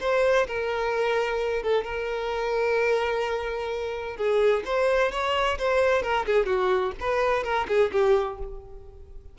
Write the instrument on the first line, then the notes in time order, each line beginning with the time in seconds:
violin
0.00 C5
0.47 A#4
1.62 A4
1.84 A#4
4.16 G#4
4.65 C5
5.11 C#5
5.58 C5
6.02 A#4
6.26 G#4
6.46 F#4
6.99 B4
7.43 A#4
7.67 G#4
7.92 G4